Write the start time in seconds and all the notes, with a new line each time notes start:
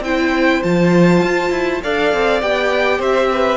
0.00 C4 E4 C5 G5
0.62 F3 F4 A5
1.22 F4
1.50 E4
1.82 D4 A4 D5 F5
2.13 C4
2.41 B3 G4 G5
2.98 C4 C5 E5
3.32 B4